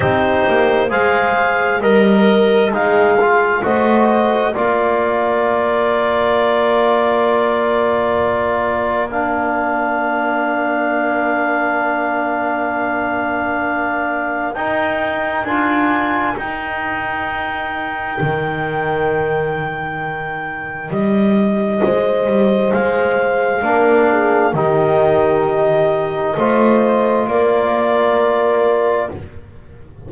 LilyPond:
<<
  \new Staff \with { instrumentName = "clarinet" } { \time 4/4 \tempo 4 = 66 c''4 f''4 dis''4 f''4 | dis''4 d''2.~ | d''2 f''2~ | f''1 |
g''4 gis''4 g''2~ | g''2. dis''4~ | dis''4 f''2 dis''4~ | dis''2 d''2 | }
  \new Staff \with { instrumentName = "horn" } { \time 4/4 g'4 c''4 ais'4 gis'4 | c''4 ais'2.~ | ais'1~ | ais'1~ |
ais'1~ | ais'1 | c''2 ais'8 gis'8 g'4~ | g'4 c''4 ais'2 | }
  \new Staff \with { instrumentName = "trombone" } { \time 4/4 dis'4 gis'4 ais'4 dis'8 f'8 | fis'4 f'2.~ | f'2 d'2~ | d'1 |
dis'4 f'4 dis'2~ | dis'1~ | dis'2 d'4 dis'4~ | dis'4 f'2. | }
  \new Staff \with { instrumentName = "double bass" } { \time 4/4 c'8 ais8 gis4 g4 gis4 | a4 ais2.~ | ais1~ | ais1 |
dis'4 d'4 dis'2 | dis2. g4 | gis8 g8 gis4 ais4 dis4~ | dis4 a4 ais2 | }
>>